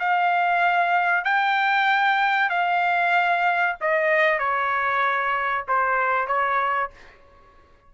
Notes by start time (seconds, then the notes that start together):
0.00 F5
1.25 G5
2.50 F5
3.81 D#5
4.40 C#5
5.69 C5
6.28 C#5